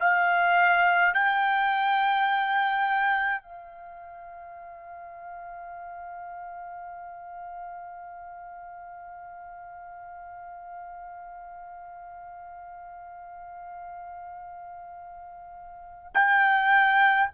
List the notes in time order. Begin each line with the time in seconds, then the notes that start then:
0.00 F5
1.14 G5
3.42 F5
16.14 G5